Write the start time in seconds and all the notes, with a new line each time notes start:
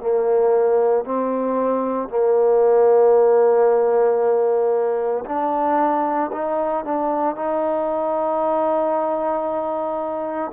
0.00 A#3
1.05 C4
2.09 A#3
5.25 D4
6.32 D#4
6.85 D4
7.35 D#4